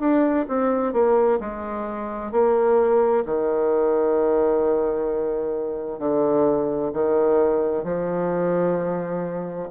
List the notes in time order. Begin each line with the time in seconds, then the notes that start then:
0.00 D4
0.49 C4
0.94 A#3
1.41 G#3
2.32 A#3
3.26 D#3
6.00 D3
6.94 D#3
7.84 F3